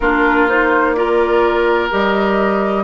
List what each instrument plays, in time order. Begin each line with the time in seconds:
0.00 bassoon A#3, clarinet D4, oboe F4, flute A#4
0.48 clarinet D#4, flute C5
0.93 clarinet F4, oboe A#4, flute D5
1.90 bassoon G3, clarinet G4, flute D#5